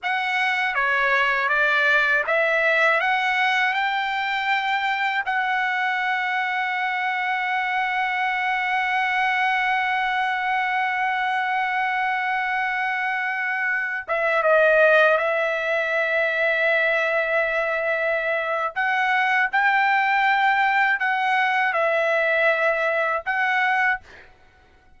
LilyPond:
\new Staff \with { instrumentName = "trumpet" } { \time 4/4 \tempo 4 = 80 fis''4 cis''4 d''4 e''4 | fis''4 g''2 fis''4~ | fis''1~ | fis''1~ |
fis''2~ fis''8. e''8 dis''8.~ | dis''16 e''2.~ e''8.~ | e''4 fis''4 g''2 | fis''4 e''2 fis''4 | }